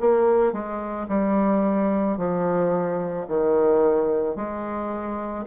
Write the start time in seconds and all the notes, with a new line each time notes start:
0.00 A#3
0.53 G#3
1.08 G3
2.17 F3
3.27 D#3
4.35 G#3